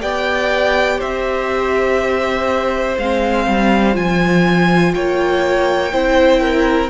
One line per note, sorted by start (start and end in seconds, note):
0.00 1.00 B3
0.00 2.95 G4
0.00 0.98 D5
0.00 1.00 G5
0.98 2.97 C4
0.98 4.91 C5
0.98 2.97 E5
2.97 3.46 G#3
2.97 3.93 C4
2.97 3.96 F5
3.47 3.95 G3
3.93 4.94 F3
3.93 5.89 F4
3.93 4.94 G#5
4.94 5.93 A#3
4.94 5.92 C#5
4.94 6.89 G5
5.92 6.89 C4
5.92 6.89 E4
5.92 6.41 C5
6.41 6.89 A#4